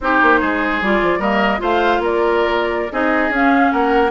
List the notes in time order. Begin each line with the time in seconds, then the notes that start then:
0.00 C4 D#4 G4 C5
0.21 A#3
0.40 G#3 G#4
0.81 G3 F4 D5
1.01 F3
1.18 G3 A#3 A#4 D#5
1.58 A3 F4 C5 F5
1.99 A#3 A#4 D5
2.91 C4 D#4 G#4 D#5
3.29 C#4 F5
3.71 A#3 A#4 F#5